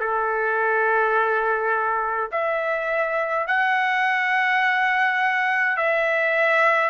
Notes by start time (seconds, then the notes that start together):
0.00 A4
2.32 E5
3.47 F#5
5.77 E5